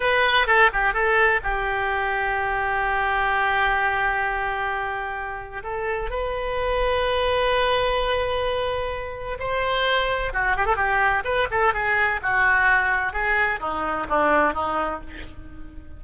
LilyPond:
\new Staff \with { instrumentName = "oboe" } { \time 4/4 \tempo 4 = 128 b'4 a'8 g'8 a'4 g'4~ | g'1~ | g'1 | a'4 b'2.~ |
b'1 | c''2 fis'8 g'16 a'16 g'4 | b'8 a'8 gis'4 fis'2 | gis'4 dis'4 d'4 dis'4 | }